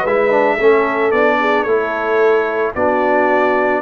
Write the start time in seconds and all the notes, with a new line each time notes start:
0.00 G#3 B4
0.06 E4 E5
0.30 D4
0.56 A3 C#4 A4
1.11 B3 D4 D5
1.40 G#4
1.63 A3 E4 A4 C#5
2.75 B3 D4 F#4 D5